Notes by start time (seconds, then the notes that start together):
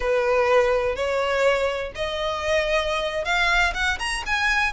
0.00 B4
0.95 C#5
1.95 D#5
3.24 F5
3.74 F#5
3.99 A#5
4.26 G#5